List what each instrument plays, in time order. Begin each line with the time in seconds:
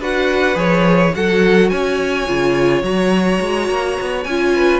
0.00 cello D4, viola F#4, violin B4 F#5
0.55 cello F3, viola G#4, violin C#5
1.14 cello F#3, viola F#4, violin A4 F#5
1.69 cello C#4, violin C#5 G#5
2.27 cello C#3, viola F4
2.83 cello F#3, viola F#4, violin A#5
3.40 cello G#3
3.69 cello A#3
4.00 cello B3
4.24 cello C#4, violin G#5
4.30 viola F4
4.55 violin B4